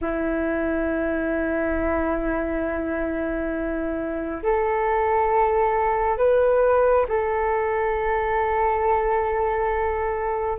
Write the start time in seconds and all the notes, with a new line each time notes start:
0.01 E4
4.42 A4
6.17 B4
7.08 A4